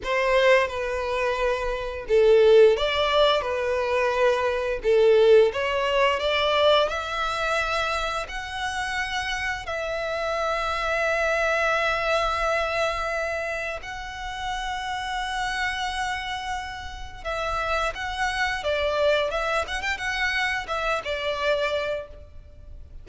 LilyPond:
\new Staff \with { instrumentName = "violin" } { \time 4/4 \tempo 4 = 87 c''4 b'2 a'4 | d''4 b'2 a'4 | cis''4 d''4 e''2 | fis''2 e''2~ |
e''1 | fis''1~ | fis''4 e''4 fis''4 d''4 | e''8 fis''16 g''16 fis''4 e''8 d''4. | }